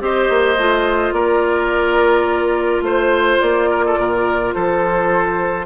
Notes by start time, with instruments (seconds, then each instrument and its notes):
0.00 bassoon C4, clarinet G4, oboe C5, flute D#5
0.29 bassoon A#3
0.57 bassoon A3, clarinet F4
1.12 bassoon A#3, oboe A#4, flute D5
2.81 bassoon A3, oboe C5, flute C5
3.40 bassoon A#3, flute D5
3.70 oboe A#4
3.86 oboe A4
3.96 bassoon A#2, oboe A#4
4.54 bassoon F3, oboe A4, flute C5